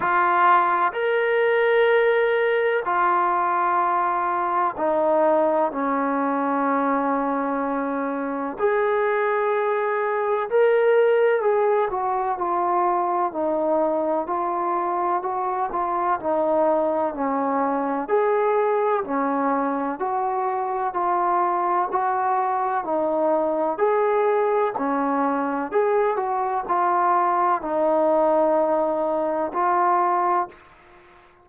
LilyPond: \new Staff \with { instrumentName = "trombone" } { \time 4/4 \tempo 4 = 63 f'4 ais'2 f'4~ | f'4 dis'4 cis'2~ | cis'4 gis'2 ais'4 | gis'8 fis'8 f'4 dis'4 f'4 |
fis'8 f'8 dis'4 cis'4 gis'4 | cis'4 fis'4 f'4 fis'4 | dis'4 gis'4 cis'4 gis'8 fis'8 | f'4 dis'2 f'4 | }